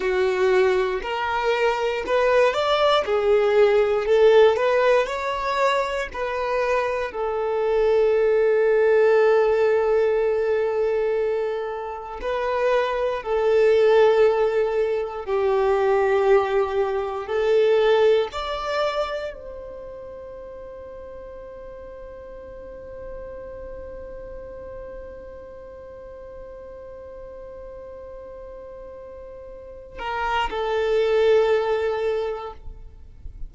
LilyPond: \new Staff \with { instrumentName = "violin" } { \time 4/4 \tempo 4 = 59 fis'4 ais'4 b'8 d''8 gis'4 | a'8 b'8 cis''4 b'4 a'4~ | a'1 | b'4 a'2 g'4~ |
g'4 a'4 d''4 c''4~ | c''1~ | c''1~ | c''4. ais'8 a'2 | }